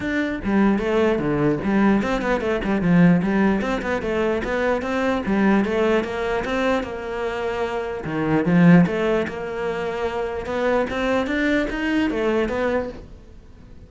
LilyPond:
\new Staff \with { instrumentName = "cello" } { \time 4/4 \tempo 4 = 149 d'4 g4 a4 d4 | g4 c'8 b8 a8 g8 f4 | g4 c'8 b8 a4 b4 | c'4 g4 a4 ais4 |
c'4 ais2. | dis4 f4 a4 ais4~ | ais2 b4 c'4 | d'4 dis'4 a4 b4 | }